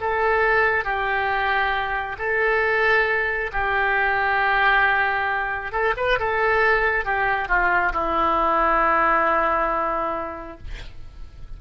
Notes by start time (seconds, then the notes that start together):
0.00 A4
0.84 G4
2.18 A4
3.52 G4
5.72 A4
5.96 B4
6.19 A4
7.05 G4
7.48 F4
7.93 E4